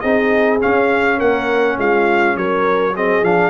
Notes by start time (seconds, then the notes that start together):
0.00 C4 D#4 G#4 D#5
0.60 C#4 F5
1.18 A#3 A#4 F#5
1.78 G#3 F4 F5
2.36 F#3 A#4 C#5
2.95 C4 G#4 D#5
3.22 F3 D4 F5